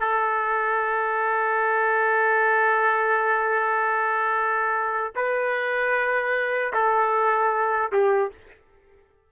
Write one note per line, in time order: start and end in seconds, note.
0.00 5.13 A4
5.16 6.74 B4
6.74 7.92 A4
7.92 8.32 G4